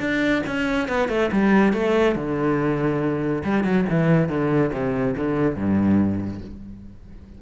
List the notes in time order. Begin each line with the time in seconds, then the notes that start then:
0.00 D4
0.47 C#4
0.89 B3
1.09 A3
1.32 G3
1.73 A3
2.16 D3
3.44 G3
3.64 F#3
3.90 E3
4.29 D3
4.73 C3
5.17 D3
5.56 G2